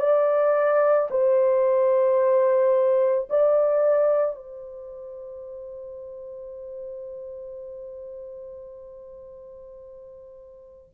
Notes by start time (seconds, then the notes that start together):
0.00 D5
1.11 C5
3.30 D5
4.36 C5